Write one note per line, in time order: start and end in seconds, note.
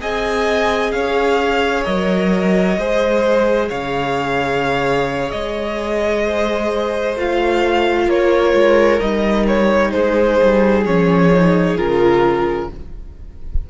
0.00 0.92 C4
0.00 1.84 G#4
0.00 0.92 D#5
0.00 0.91 G#5
0.91 1.84 C#4
0.91 2.78 C#5
0.91 1.84 F5
1.84 2.77 F#3
1.84 2.77 A#4
1.84 3.68 D#5
2.77 3.69 G#3
2.77 7.16 G#4
2.77 3.68 C5
3.68 5.32 C#3
3.68 6.22 C#5
3.68 5.30 F5
5.30 7.15 G#3
5.30 7.15 D#5
6.24 8.05 C5
7.15 8.07 A3
7.15 9.00 F4
7.15 8.09 F5
8.05 8.53 A#3
8.05 9.90 A#4
8.05 8.99 C#5
8.54 9.00 G#3
8.99 9.93 G3
8.99 10.84 D#4
8.99 9.46 D#5
9.47 9.91 C#5
9.90 10.41 G#3
9.90 12.67 G#4
9.90 10.83 C5
10.42 10.85 G3
10.85 11.77 F3
10.85 11.32 C#4
10.85 11.77 C#5
11.32 11.77 D#4
11.77 12.70 C#3
11.77 12.69 F4
11.77 12.69 A#4